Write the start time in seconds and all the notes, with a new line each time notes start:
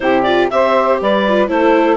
0.00 C3 E4 G4 C5
0.23 F4 D5
0.50 C4 G4 C5 E5
1.01 G3 B4 D5
1.28 F4
1.48 A3 E4 A4 C5